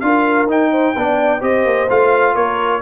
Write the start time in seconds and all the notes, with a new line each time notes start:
0.00 D4 F4 A#4 F5
0.46 D#4 G5
0.71 C5
0.96 B3 D4 D5
1.41 C4 G4 C5 D#5
1.65 A#3
1.89 A3 F4 F5
2.34 A#3 A#4 C#5